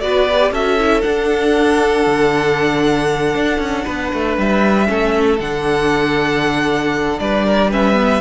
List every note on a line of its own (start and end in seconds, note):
0.00 0.51 B3
0.00 0.27 F#4
0.00 0.52 B4
0.00 0.51 D5
0.30 0.54 G4
0.51 1.02 C#4
0.51 0.79 F#4
0.51 3.85 A4
0.51 1.01 E5
0.79 1.03 E4
1.01 4.85 D4
1.01 2.06 D4
1.01 4.34 F#5
2.06 3.34 D3
3.34 3.58 D4
3.58 3.83 C#4
3.85 4.12 B3
3.85 4.87 B4
4.13 4.37 A3
4.37 4.89 G3
4.37 5.40 E5
4.85 5.39 A3
4.85 5.37 C#4
4.85 7.20 A4
5.39 7.18 D3
5.39 7.71 D4
5.39 7.19 F#5
7.19 8.21 G3
7.19 7.46 B4
7.19 7.70 D5
7.46 7.70 A#4
7.70 7.94 C#4
7.70 8.21 B4
7.70 8.21 E5
7.94 8.20 B3